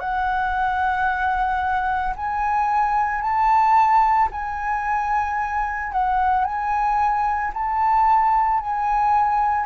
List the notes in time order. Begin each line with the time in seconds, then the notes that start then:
0.00 F#5
2.16 G#5
3.22 A5
4.31 G#5
5.93 F#5
6.45 G#5
7.54 A5
8.60 G#5